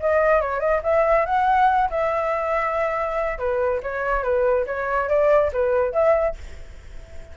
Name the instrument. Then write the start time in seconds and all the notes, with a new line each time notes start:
flute
0.00 D#5
0.41 C#5
0.60 D#5
0.83 E5
1.26 F#5
1.90 E5
3.38 B4
3.83 C#5
4.23 B4
4.66 C#5
5.09 D5
5.53 B4
5.93 E5